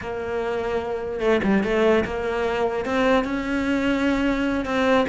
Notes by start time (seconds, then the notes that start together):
0.01 A#3
1.20 A3
1.43 G3
1.63 A3
2.05 A#3
2.85 C4
3.24 C#4
4.65 C4